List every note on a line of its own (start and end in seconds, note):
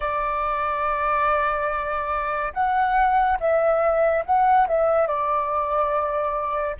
0.00 2.52 D5
2.54 3.38 F#5
3.40 4.24 E5
4.25 4.67 F#5
4.67 5.07 E5
5.07 6.76 D5